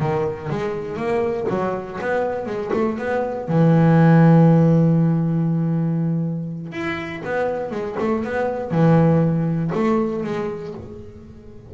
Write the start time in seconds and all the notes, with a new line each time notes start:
0.00 D#3
0.50 G#3
0.97 A#3
1.50 F#3
2.01 B3
2.46 G#3
2.73 A3
2.98 B3
3.48 E3
6.72 E4
7.25 B3
7.71 G#3
8.00 A3
8.24 B3
8.71 E3
9.75 A3
10.24 G#3